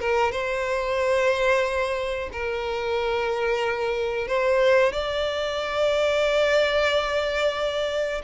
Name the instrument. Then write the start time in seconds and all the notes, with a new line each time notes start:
violin
0.00 A#4
0.32 C5
2.33 A#4
4.28 C5
4.93 D5